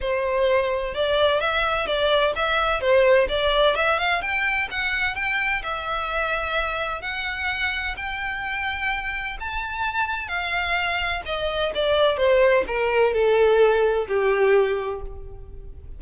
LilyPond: \new Staff \with { instrumentName = "violin" } { \time 4/4 \tempo 4 = 128 c''2 d''4 e''4 | d''4 e''4 c''4 d''4 | e''8 f''8 g''4 fis''4 g''4 | e''2. fis''4~ |
fis''4 g''2. | a''2 f''2 | dis''4 d''4 c''4 ais'4 | a'2 g'2 | }